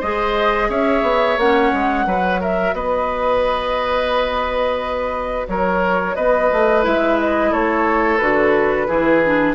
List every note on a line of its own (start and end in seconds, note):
0.00 0.69 G#3
0.00 1.40 G#4
0.00 0.68 C5
0.00 0.70 D#5
0.69 1.03 C#4
0.69 2.06 C#5
0.69 1.39 E5
1.03 1.37 B3
1.38 1.72 A#3
1.38 2.09 C#4
1.38 2.42 F#5
1.74 2.06 G#3
2.06 2.74 F#3
2.06 6.83 F#4
2.06 2.41 B4
2.41 2.75 A#4
2.41 2.75 E5
2.74 5.46 B3
2.74 5.48 B4
2.74 5.47 D#5
5.48 6.16 F#3
5.48 6.16 A#4
5.48 6.16 C#5
6.16 6.51 B3
6.16 7.51 B4
6.16 6.84 D#5
6.52 6.86 A3
6.83 7.52 G#3
6.83 8.19 E4
6.83 7.20 E5
7.20 7.53 D#5
7.51 8.20 A3
7.51 8.88 A4
7.51 8.18 C#5
8.18 8.88 D3
8.18 8.88 F#4
8.18 9.55 B4
8.88 9.55 E3
8.88 9.22 E4
8.88 9.55 G#4
9.26 9.55 D4